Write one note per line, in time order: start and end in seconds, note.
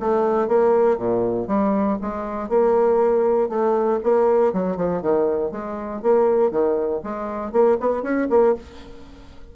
0.00 0.48 A3
0.48 0.98 A#3
0.98 1.48 A#2
1.48 1.98 G3
2.02 2.49 G#3
2.49 3.49 A#3
3.49 4.00 A3
4.04 4.53 A#3
4.53 4.77 F#3
4.77 5.02 F3
5.02 5.52 D#3
5.52 6.02 G#3
6.03 6.51 A#3
6.51 7.02 D#3
7.04 7.53 G#3
7.53 7.78 A#3
7.80 8.03 B3
8.03 8.28 C#4
8.30 8.55 A#3